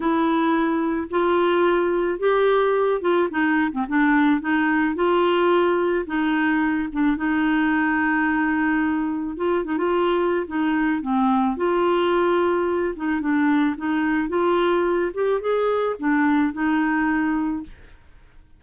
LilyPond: \new Staff \with { instrumentName = "clarinet" } { \time 4/4 \tempo 4 = 109 e'2 f'2 | g'4. f'8 dis'8. c'16 d'4 | dis'4 f'2 dis'4~ | dis'8 d'8 dis'2.~ |
dis'4 f'8 dis'16 f'4~ f'16 dis'4 | c'4 f'2~ f'8 dis'8 | d'4 dis'4 f'4. g'8 | gis'4 d'4 dis'2 | }